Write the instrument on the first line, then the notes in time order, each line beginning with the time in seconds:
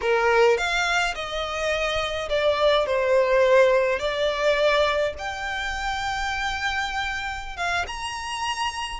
violin
0.01 A#4
0.57 F5
1.14 D#5
2.29 D5
2.86 C5
3.99 D5
5.18 G5
7.57 F5
7.87 A#5